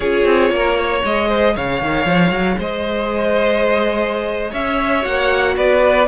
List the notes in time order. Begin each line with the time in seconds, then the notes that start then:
0.00 C#4 F4 G#4 C#5
0.25 C4
0.50 A#3 A#4
0.77 C#5
1.03 G#3 G#4 D#5
1.28 C5
1.54 C#3 C#5 F5
1.81 D#3
2.05 F3
2.30 F#3
2.58 G#3 C5 D#5
4.51 C#4 C#5 E5
5.01 A#3 F#4 F#5
5.56 B3 B4 D5